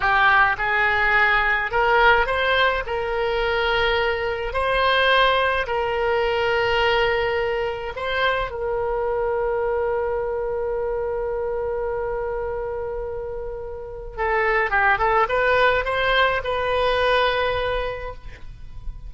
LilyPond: \new Staff \with { instrumentName = "oboe" } { \time 4/4 \tempo 4 = 106 g'4 gis'2 ais'4 | c''4 ais'2. | c''2 ais'2~ | ais'2 c''4 ais'4~ |
ais'1~ | ais'1~ | ais'4 a'4 g'8 a'8 b'4 | c''4 b'2. | }